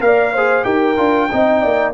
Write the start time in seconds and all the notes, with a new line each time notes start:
0.00 A#3 A#4 D5 F5
0.33 G#4 C5
0.63 D#4 G4 A#4 G5
0.97 D4 F4
1.32 C4 D#4 D#5
1.62 A#3 D5